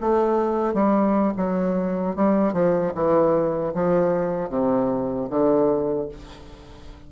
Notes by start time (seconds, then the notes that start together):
0.00 A3
0.74 G3
1.37 F#3
2.16 G3
2.53 F3
2.94 E3
3.74 F3
4.49 C3
5.29 D3